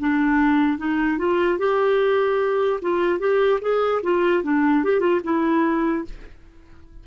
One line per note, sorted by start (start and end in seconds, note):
0.00 0.79 D4
0.79 1.19 D#4
1.19 1.59 F4
1.59 2.81 G4
2.82 3.20 F4
3.20 3.60 G4
3.62 4.02 G#4
4.04 4.44 F4
4.44 4.84 D4
4.85 5.00 G4
5.00 5.21 F4
5.24 6.05 E4